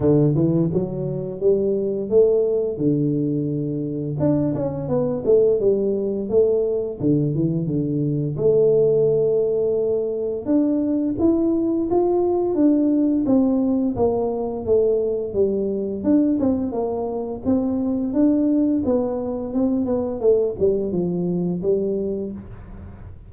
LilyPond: \new Staff \with { instrumentName = "tuba" } { \time 4/4 \tempo 4 = 86 d8 e8 fis4 g4 a4 | d2 d'8 cis'8 b8 a8 | g4 a4 d8 e8 d4 | a2. d'4 |
e'4 f'4 d'4 c'4 | ais4 a4 g4 d'8 c'8 | ais4 c'4 d'4 b4 | c'8 b8 a8 g8 f4 g4 | }